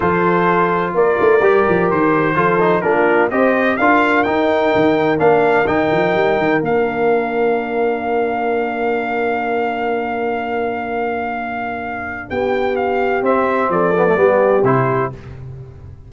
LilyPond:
<<
  \new Staff \with { instrumentName = "trumpet" } { \time 4/4 \tempo 4 = 127 c''2 d''2 | c''2 ais'4 dis''4 | f''4 g''2 f''4 | g''2 f''2~ |
f''1~ | f''1~ | f''2 g''4 f''4 | e''4 d''2 c''4 | }
  \new Staff \with { instrumentName = "horn" } { \time 4/4 a'2 ais'2~ | ais'4 a'4 f'4 c''4 | ais'1~ | ais'1~ |
ais'1~ | ais'1~ | ais'2 g'2~ | g'4 a'4 g'2 | }
  \new Staff \with { instrumentName = "trombone" } { \time 4/4 f'2. g'4~ | g'4 f'8 dis'8 d'4 g'4 | f'4 dis'2 d'4 | dis'2 d'2~ |
d'1~ | d'1~ | d'1 | c'4. b16 a16 b4 e'4 | }
  \new Staff \with { instrumentName = "tuba" } { \time 4/4 f2 ais8 a8 g8 f8 | dis4 f4 ais4 c'4 | d'4 dis'4 dis4 ais4 | dis8 f8 g8 dis8 ais2~ |
ais1~ | ais1~ | ais2 b2 | c'4 f4 g4 c4 | }
>>